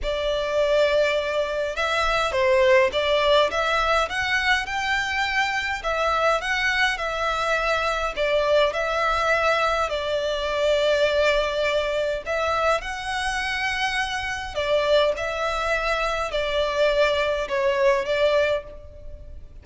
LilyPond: \new Staff \with { instrumentName = "violin" } { \time 4/4 \tempo 4 = 103 d''2. e''4 | c''4 d''4 e''4 fis''4 | g''2 e''4 fis''4 | e''2 d''4 e''4~ |
e''4 d''2.~ | d''4 e''4 fis''2~ | fis''4 d''4 e''2 | d''2 cis''4 d''4 | }